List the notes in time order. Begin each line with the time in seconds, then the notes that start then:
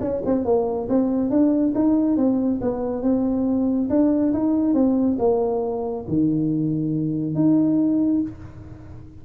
0.00 C#4
0.25 C4
0.45 A#3
0.88 C4
1.29 D4
1.74 D#4
2.17 C4
2.61 B3
3.02 C4
3.89 D4
4.33 D#4
4.74 C4
5.18 A#3
6.08 D#3
7.35 D#4